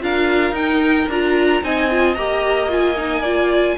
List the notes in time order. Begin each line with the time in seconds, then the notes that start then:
0.00 D4 F4 A#4 F5
0.51 D#4 G5
1.09 D4 F4 A#5
1.63 C4 D#4 D#5 G#5
1.90 F4
2.15 A#3 G4 A#5
2.69 F4 G#5
2.97 D#4
3.22 F4 D5